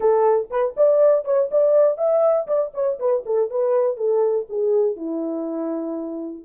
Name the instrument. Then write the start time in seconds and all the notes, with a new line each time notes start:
horn
0.00 A4
0.50 B4
0.77 D5
1.24 C#5
1.51 D5
1.97 E5
2.47 D5
2.73 C#5
2.99 B4
3.25 A4
3.50 B4
3.96 A4
4.49 G#4
4.96 E4